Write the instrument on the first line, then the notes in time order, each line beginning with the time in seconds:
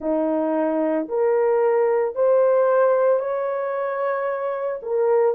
horn
0.00 D#4
1.08 A#4
2.15 C5
3.19 C#5
4.82 A#4